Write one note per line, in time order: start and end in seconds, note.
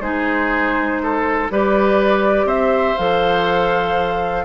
0.00 1.49 G#3
0.00 1.50 D#4
0.00 1.02 G#4
0.00 1.49 C5
1.03 1.52 A4
1.50 2.45 G3
1.50 2.98 G4
1.50 2.47 B4
1.50 2.48 D5
2.45 2.94 C4
2.45 4.45 C5
2.45 2.98 E5
2.98 4.45 F3
2.98 4.45 A4
2.98 4.45 F5